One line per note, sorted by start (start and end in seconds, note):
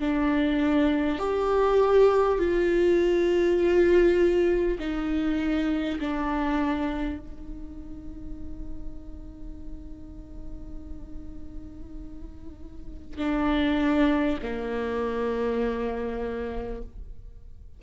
0.00 1.19 D4
1.19 2.38 G4
2.38 4.78 F4
4.79 5.99 D#4
6.00 7.19 D4
7.19 13.18 D#4
13.18 14.38 D4
14.43 16.83 A#3